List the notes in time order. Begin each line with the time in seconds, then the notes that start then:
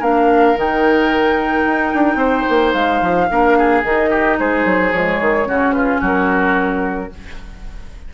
0.00 A#3 D4 A#4 F5
0.56 D#3 D#4 G5
1.65 D#4
1.94 D4
2.15 C4 C5
2.49 A#3
2.73 G#3 F5
3.01 F3
3.29 A#3 D4 A#4
3.58 G#4
3.83 D#3 D#4 D#5
4.10 G4
4.39 G#3 G#4 C5
4.65 F#3
4.92 F3 G#3 C#5
5.21 D#3
5.46 C#3 C#4 F#4
5.72 F4 B4
6.01 F#3 F#4 A#4